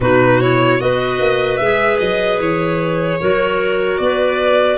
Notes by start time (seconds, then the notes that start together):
0.00 B2 D#4 F#4 B4
0.40 E4 C#5
0.79 B3 F#4 B4 D#5
1.20 A#3
1.57 G#3 G#4 E5
1.99 F#3 D#5
2.39 E3 C#5
3.20 F#3 F#4 A#4
3.97 B3 B4 D5